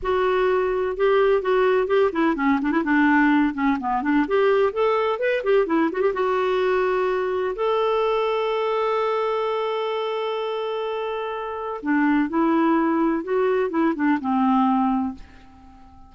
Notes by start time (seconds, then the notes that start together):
0.02 F#4
0.96 G4
1.42 F#4
1.87 G4
2.12 E4
2.35 C#4
2.61 D4
2.71 E4
2.83 D4
3.54 C#4
3.79 B3
4.02 D4
4.27 G4
4.72 A4
5.19 B4
5.43 G4
5.66 E4
5.92 F#4
6.01 G4
6.13 F#4
7.55 A4
11.82 D4
12.29 E4
13.23 F#4
13.70 E4
13.95 D4
14.20 C4